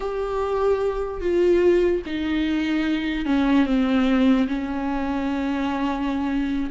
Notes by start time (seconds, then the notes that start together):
0.00 G4
1.21 F4
2.05 D#4
3.25 C#4
3.66 C4
4.47 C#4